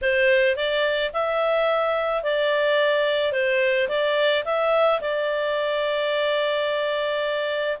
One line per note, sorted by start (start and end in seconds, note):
0.02 0.56 C5
0.56 1.11 D5
1.13 2.23 E5
2.23 3.32 D5
3.32 3.87 C5
3.88 4.44 D5
4.44 5.00 E5
5.00 7.78 D5